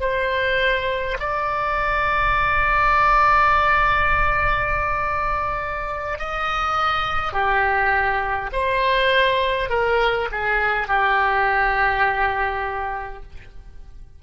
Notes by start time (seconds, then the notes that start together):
0.00 C5
1.20 D5
6.19 D#5
7.33 G4
8.52 C5
9.70 A#4
10.32 G#4
10.88 G4